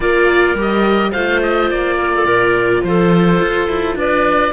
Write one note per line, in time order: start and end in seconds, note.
0.00 0.54 A#3
0.00 0.56 F4
0.00 1.11 A#4
0.00 0.56 D5
0.54 1.11 G3
0.54 1.13 G4
0.61 1.12 D#5
1.11 1.70 A3
1.11 4.52 F4
1.11 1.96 C5
1.11 1.40 F5
1.42 1.70 D#5
1.70 2.25 A#3
1.70 2.83 D5
1.99 2.13 A#4
2.15 2.25 A4
2.25 2.82 A#2
2.25 2.82 A#4
2.83 3.40 F3
2.83 3.97 A4
2.83 3.96 C5
3.40 3.68 F4
3.68 3.95 E4
3.95 4.52 D4
3.95 4.52 B4
3.95 4.52 D5